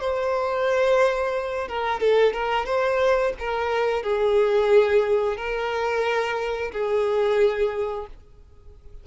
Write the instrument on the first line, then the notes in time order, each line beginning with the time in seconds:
violin
0.00 C5
1.68 A#4
2.00 A4
2.33 A#4
2.66 C5
3.39 A#4
4.03 G#4
5.37 A#4
6.72 G#4